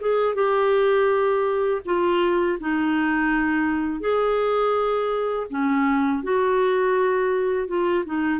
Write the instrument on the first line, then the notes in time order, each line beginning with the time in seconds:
clarinet
0.00 G#4
0.34 G4
1.85 F4
2.60 D#4
4.00 G#4
5.49 C#4
6.23 F#4
7.67 F4
8.05 D#4